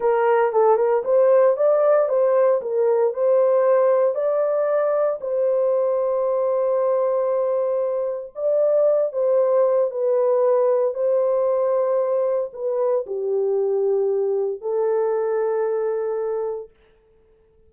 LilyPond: \new Staff \with { instrumentName = "horn" } { \time 4/4 \tempo 4 = 115 ais'4 a'8 ais'8 c''4 d''4 | c''4 ais'4 c''2 | d''2 c''2~ | c''1 |
d''4. c''4. b'4~ | b'4 c''2. | b'4 g'2. | a'1 | }